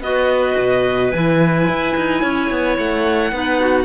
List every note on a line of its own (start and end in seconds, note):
0.00 0.55 B3
0.00 1.12 F#4
0.00 2.22 B4
0.00 1.11 D#5
0.58 1.13 B2
1.11 1.68 E3
1.11 3.32 E4
1.11 2.76 G#5
1.68 1.96 E4
1.96 2.23 D#4
2.22 2.50 C#4
2.22 3.32 C#5
2.50 2.78 B3
2.78 3.32 A3
2.78 3.85 F#5
3.32 3.85 B3
3.32 3.85 D#4
3.32 3.60 B4
3.60 3.85 F#4